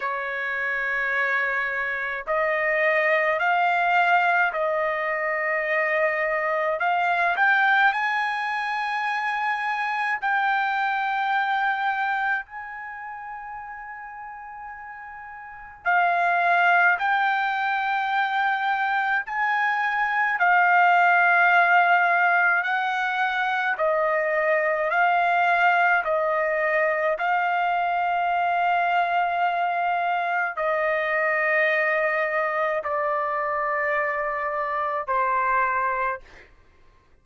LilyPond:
\new Staff \with { instrumentName = "trumpet" } { \time 4/4 \tempo 4 = 53 cis''2 dis''4 f''4 | dis''2 f''8 g''8 gis''4~ | gis''4 g''2 gis''4~ | gis''2 f''4 g''4~ |
g''4 gis''4 f''2 | fis''4 dis''4 f''4 dis''4 | f''2. dis''4~ | dis''4 d''2 c''4 | }